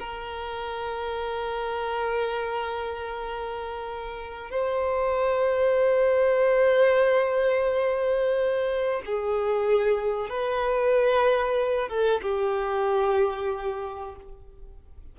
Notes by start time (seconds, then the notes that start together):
0.00 A#4
4.51 C5
9.06 G#4
10.30 B4
11.89 A4
12.22 G4